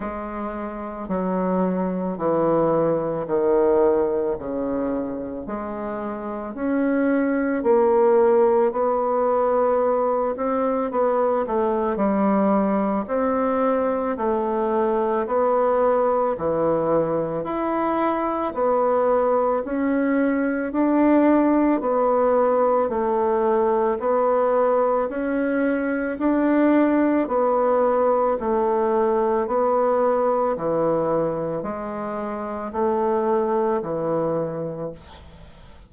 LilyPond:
\new Staff \with { instrumentName = "bassoon" } { \time 4/4 \tempo 4 = 55 gis4 fis4 e4 dis4 | cis4 gis4 cis'4 ais4 | b4. c'8 b8 a8 g4 | c'4 a4 b4 e4 |
e'4 b4 cis'4 d'4 | b4 a4 b4 cis'4 | d'4 b4 a4 b4 | e4 gis4 a4 e4 | }